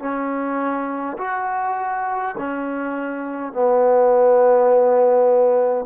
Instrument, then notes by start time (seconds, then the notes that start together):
trombone
0.00 C#4
1.18 F#4
2.39 C#4
3.53 B3